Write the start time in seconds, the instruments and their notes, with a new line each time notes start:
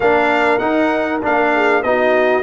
0.00 tuba A#3, trombone D4, horn A#4, trumpet F5
0.58 trombone D#4, tuba D#4, trumpet F#5
1.22 tuba A#3, trombone D4, trumpet F5
1.54 horn G#4
1.82 tuba B3, trombone D#4, horn F#4, trumpet D#5